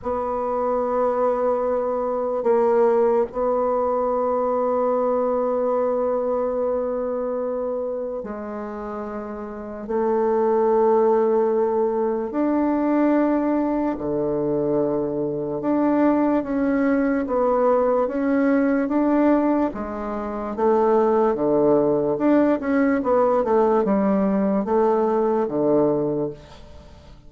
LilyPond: \new Staff \with { instrumentName = "bassoon" } { \time 4/4 \tempo 4 = 73 b2. ais4 | b1~ | b2 gis2 | a2. d'4~ |
d'4 d2 d'4 | cis'4 b4 cis'4 d'4 | gis4 a4 d4 d'8 cis'8 | b8 a8 g4 a4 d4 | }